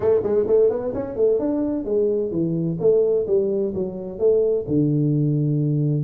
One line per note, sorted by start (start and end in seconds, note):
0.00 0.21 A3
0.23 0.46 G#3
0.47 0.70 A3
0.70 0.93 B3
0.94 1.16 C#4
1.16 1.39 A3
1.39 1.84 D4
1.84 2.31 G#3
2.31 2.77 E3
2.79 3.26 A3
3.26 3.73 G3
3.74 4.18 F#3
4.18 4.65 A3
4.67 6.03 D3